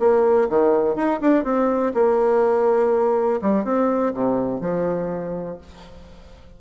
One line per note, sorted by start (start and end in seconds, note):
0.00 0.49 A#3
0.49 0.96 D#3
0.96 1.21 D#4
1.21 1.45 D4
1.45 1.93 C4
1.94 3.41 A#3
3.42 3.65 G3
3.65 4.14 C4
4.14 4.61 C3
4.61 5.59 F3